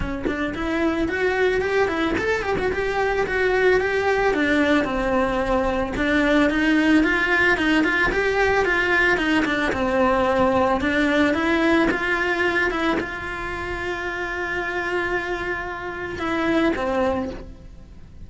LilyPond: \new Staff \with { instrumentName = "cello" } { \time 4/4 \tempo 4 = 111 cis'8 d'8 e'4 fis'4 g'8 e'8 | a'8 g'16 fis'16 g'4 fis'4 g'4 | d'4 c'2 d'4 | dis'4 f'4 dis'8 f'8 g'4 |
f'4 dis'8 d'8 c'2 | d'4 e'4 f'4. e'8 | f'1~ | f'2 e'4 c'4 | }